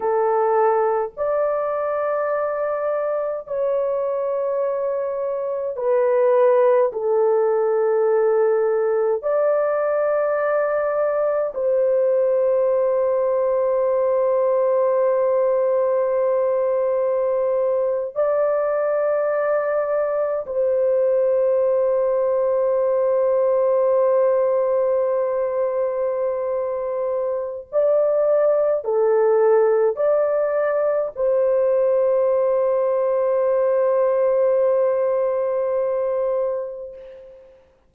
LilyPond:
\new Staff \with { instrumentName = "horn" } { \time 4/4 \tempo 4 = 52 a'4 d''2 cis''4~ | cis''4 b'4 a'2 | d''2 c''2~ | c''2.~ c''8. d''16~ |
d''4.~ d''16 c''2~ c''16~ | c''1 | d''4 a'4 d''4 c''4~ | c''1 | }